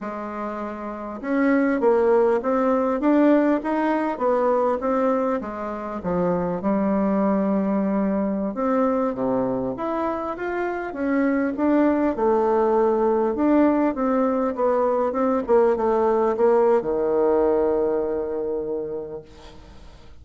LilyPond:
\new Staff \with { instrumentName = "bassoon" } { \time 4/4 \tempo 4 = 100 gis2 cis'4 ais4 | c'4 d'4 dis'4 b4 | c'4 gis4 f4 g4~ | g2~ g16 c'4 c8.~ |
c16 e'4 f'4 cis'4 d'8.~ | d'16 a2 d'4 c'8.~ | c'16 b4 c'8 ais8 a4 ais8. | dis1 | }